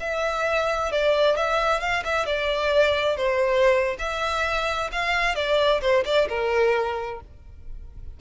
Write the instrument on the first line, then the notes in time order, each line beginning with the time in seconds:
violin
0.00 E5
0.92 D5
1.37 E5
1.80 F5
2.05 E5
2.26 D5
3.17 C5
3.99 E5
4.92 F5
5.35 D5
5.81 C5
6.05 D5
6.29 A#4